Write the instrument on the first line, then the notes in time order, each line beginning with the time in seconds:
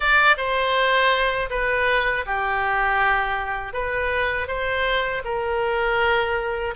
oboe
0.00 D5
0.37 C5
1.50 B4
2.25 G4
3.73 B4
4.47 C5
5.24 A#4